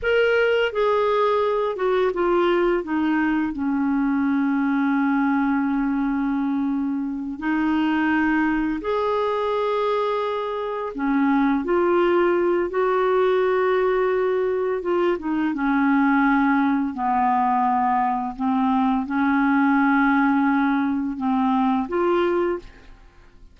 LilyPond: \new Staff \with { instrumentName = "clarinet" } { \time 4/4 \tempo 4 = 85 ais'4 gis'4. fis'8 f'4 | dis'4 cis'2.~ | cis'2~ cis'8 dis'4.~ | dis'8 gis'2. cis'8~ |
cis'8 f'4. fis'2~ | fis'4 f'8 dis'8 cis'2 | b2 c'4 cis'4~ | cis'2 c'4 f'4 | }